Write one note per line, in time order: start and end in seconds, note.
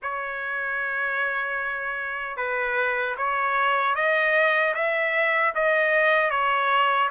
0.02 2.36 C#5
2.36 3.15 B4
3.17 3.95 C#5
3.95 4.74 D#5
4.74 5.53 E5
5.54 6.30 D#5
6.30 7.09 C#5